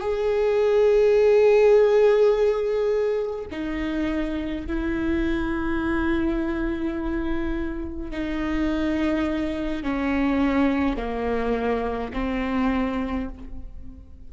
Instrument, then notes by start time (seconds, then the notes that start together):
viola
0.00 G#4
3.51 D#4
4.67 E4
8.11 D#4
9.83 C#4
10.96 A#3
12.13 C4